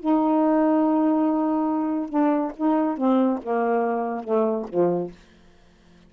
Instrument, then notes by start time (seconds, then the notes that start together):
saxophone
0.00 D#4
2.10 D4
2.57 D#4
2.98 C4
3.43 A#3
4.24 A3
4.69 F3